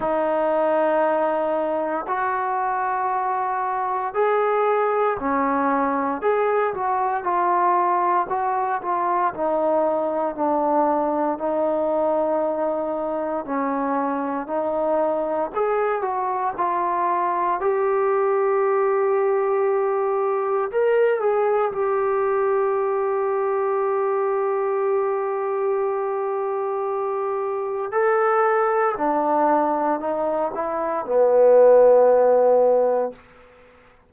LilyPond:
\new Staff \with { instrumentName = "trombone" } { \time 4/4 \tempo 4 = 58 dis'2 fis'2 | gis'4 cis'4 gis'8 fis'8 f'4 | fis'8 f'8 dis'4 d'4 dis'4~ | dis'4 cis'4 dis'4 gis'8 fis'8 |
f'4 g'2. | ais'8 gis'8 g'2.~ | g'2. a'4 | d'4 dis'8 e'8 b2 | }